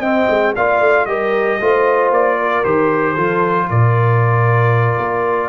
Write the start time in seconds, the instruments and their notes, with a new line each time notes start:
0.00 tuba C4, trombone C4, horn D#5, trumpet G5
0.30 tuba G#3
0.56 tuba A#3, trombone F4, horn D5, trumpet F5
0.80 tuba A3
1.06 tuba G3, trombone G4, horn A#4, trumpet D#5
1.61 tuba A3, trombone F4, horn C5
2.11 tuba A#3, trumpet D5
2.38 horn A#4
2.64 tuba D#3, trombone G4, trumpet C5
3.14 tuba F3, trombone F4, horn A4
3.70 tuba A#2, horn A#4, trumpet D5
4.98 tuba A#3